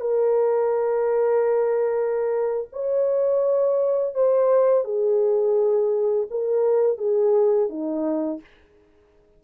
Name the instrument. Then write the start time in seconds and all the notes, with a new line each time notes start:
horn
0.00 A#4
2.72 C#5
4.14 C5
4.84 G#4
6.30 A#4
6.97 G#4
7.69 D#4